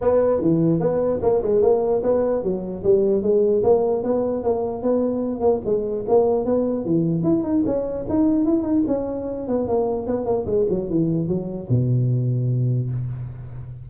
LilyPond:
\new Staff \with { instrumentName = "tuba" } { \time 4/4 \tempo 4 = 149 b4 e4 b4 ais8 gis8 | ais4 b4 fis4 g4 | gis4 ais4 b4 ais4 | b4. ais8 gis4 ais4 |
b4 e4 e'8 dis'8 cis'4 | dis'4 e'8 dis'8 cis'4. b8 | ais4 b8 ais8 gis8 fis8 e4 | fis4 b,2. | }